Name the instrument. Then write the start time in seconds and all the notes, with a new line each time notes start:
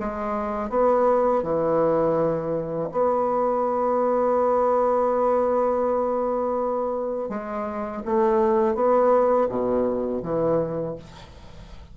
bassoon
0.00 G#3
0.70 B3
1.43 E3
2.92 B3
7.30 G#3
8.06 A3
8.75 B3
9.49 B2
10.23 E3